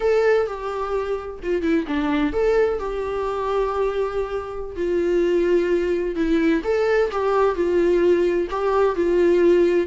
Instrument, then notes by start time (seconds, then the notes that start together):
viola
0.00 A4
0.47 G4
1.42 F4
1.62 E4
1.87 D4
2.32 A4
2.79 G4
4.76 F4
6.15 E4
6.64 A4
7.11 G4
7.55 F4
8.50 G4
8.95 F4